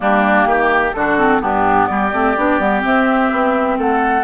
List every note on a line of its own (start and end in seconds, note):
0.00 0.45 G3
0.00 0.93 A#3
0.00 0.48 D4
0.00 0.93 G4
0.45 0.92 D#3
0.45 0.95 G4
0.93 1.39 D3
0.93 1.18 D4
0.93 1.41 F#4
0.93 1.40 A4
1.18 1.40 C4
1.39 1.87 G2
1.39 2.11 B3
1.39 1.88 D4
1.39 1.87 G4
1.87 2.12 G3
1.87 3.78 G4
1.87 2.81 D5
2.12 2.36 A3
2.12 2.36 C4
2.36 2.59 B3
2.36 2.59 D4
2.59 2.83 G3
2.59 2.80 B3
2.80 4.22 C4
2.80 3.31 C4
2.80 3.78 E5
3.31 3.77 B3
3.77 4.23 A3
3.77 4.23 A4
3.77 4.23 F#5